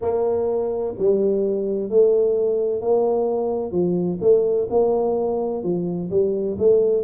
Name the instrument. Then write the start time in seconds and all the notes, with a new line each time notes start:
tuba
0.01 A#3
0.98 G3
1.89 A3
2.81 A#3
3.71 F3
4.20 A3
4.70 A#3
5.62 F3
6.10 G3
6.58 A3